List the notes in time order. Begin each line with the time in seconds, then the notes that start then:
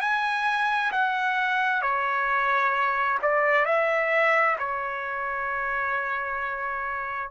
0.00 G#5
0.91 F#5
1.81 C#5
3.22 D5
3.65 E5
4.58 C#5